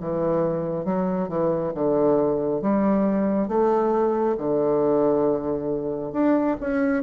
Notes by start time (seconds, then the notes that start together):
0.00 E3
0.85 F#3
1.28 E3
1.74 D3
2.61 G3
3.48 A3
4.38 D3
6.12 D4
6.60 C#4